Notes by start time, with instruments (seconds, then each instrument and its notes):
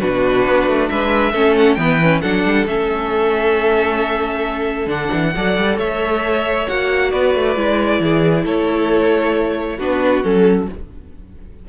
0.00 cello B2, viola D4, violin F#4 B4
0.46 cello B3
0.67 cello A3
0.89 cello G#3, violin B4 E5
1.32 cello A3, viola C#4, violin A4
1.58 violin F#5
1.74 cello E3, viola B3, violin B4 G5
2.03 viola C#4
2.22 cello F#3, viola D4, violin A4 F#5
2.45 cello G3
2.67 cello A3, viola C#4, violin E5
4.87 cello D3, viola D4, violin F#5
5.13 cello E3
5.36 cello F#3, viola A4, violin D5
5.58 cello G3
5.78 cello A3, violin C#5 E5
6.68 cello A#3, viola F#4, violin F#5
7.11 cello B3, violin B4 D5
7.35 cello A3
7.56 cello G#3, viola E4
8.00 cello E3, violin G#4
8.44 cello A3, violin A4 C#5
9.76 cello B3, viola D4, violin F#4 B4
10.24 cello F#3, viola C#4, violin A4